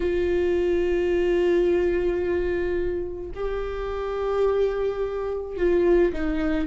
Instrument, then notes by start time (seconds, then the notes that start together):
viola
0.00 F4
3.34 G4
5.57 F4
6.13 D#4